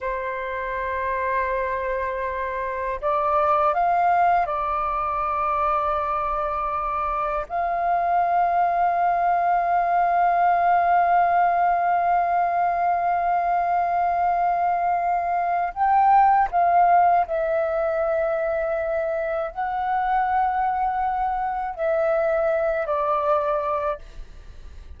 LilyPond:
\new Staff \with { instrumentName = "flute" } { \time 4/4 \tempo 4 = 80 c''1 | d''4 f''4 d''2~ | d''2 f''2~ | f''1~ |
f''1~ | f''4 g''4 f''4 e''4~ | e''2 fis''2~ | fis''4 e''4. d''4. | }